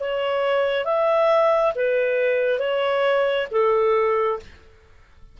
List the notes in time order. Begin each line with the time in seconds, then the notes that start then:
0.00 C#5
0.85 E5
1.75 B4
2.59 C#5
3.51 A4